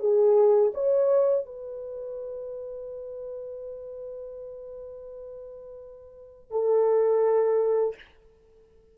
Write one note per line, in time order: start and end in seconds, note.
0.00 0.72 G#4
0.74 1.46 C#5
1.46 6.51 B4
6.51 7.96 A4